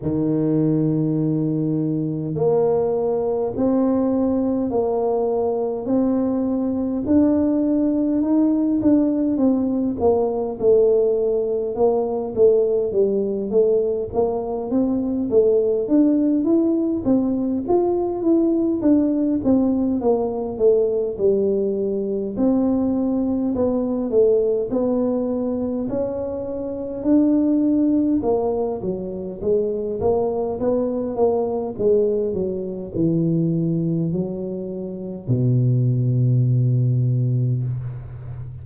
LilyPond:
\new Staff \with { instrumentName = "tuba" } { \time 4/4 \tempo 4 = 51 dis2 ais4 c'4 | ais4 c'4 d'4 dis'8 d'8 | c'8 ais8 a4 ais8 a8 g8 a8 | ais8 c'8 a8 d'8 e'8 c'8 f'8 e'8 |
d'8 c'8 ais8 a8 g4 c'4 | b8 a8 b4 cis'4 d'4 | ais8 fis8 gis8 ais8 b8 ais8 gis8 fis8 | e4 fis4 b,2 | }